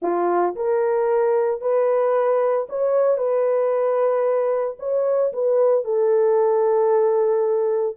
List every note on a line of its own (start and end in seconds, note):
0.02 0.55 F4
0.55 1.61 A#4
1.61 2.67 B4
2.69 3.17 C#5
3.17 4.76 B4
4.79 5.32 C#5
5.32 5.84 B4
5.84 7.96 A4